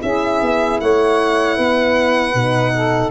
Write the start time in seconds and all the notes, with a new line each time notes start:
0.00 C#4 E4 G#4 E5
0.41 B3
0.80 A3 C#5 F#5
1.55 B3 B4
2.34 B2 D#4
2.73 A4